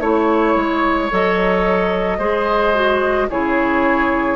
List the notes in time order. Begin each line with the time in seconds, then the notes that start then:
0.00 A3 E4 C#5
0.55 G#3
1.10 F#3 A4 D#5
2.18 G#3 G#4 C5
2.74 F#4
3.29 C#3 E4 G#4 C#5